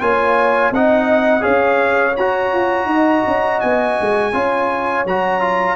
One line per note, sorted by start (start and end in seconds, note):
0.00 0.71 A#3
0.00 0.72 F4
0.00 0.73 C#5
0.00 0.73 G#5
0.71 1.43 C4
0.71 1.40 D#4
0.71 1.43 D#5
0.71 1.43 F#5
1.40 2.12 G#4
1.40 2.87 C#5
1.40 2.15 F5
1.47 2.17 C#4
2.17 2.53 F#4
2.17 4.33 F#4
2.17 3.60 A#5
2.53 2.85 F4
2.85 3.21 D#4
2.85 4.33 D#5
3.27 3.63 C#4
3.60 3.99 B3
3.60 5.05 G#5
4.01 4.33 G#3
4.33 5.05 C#4
4.33 5.05 F4
4.33 5.76 C#5
5.05 5.76 F#3
5.05 5.41 F#4
5.05 5.76 A#5
5.41 5.76 F4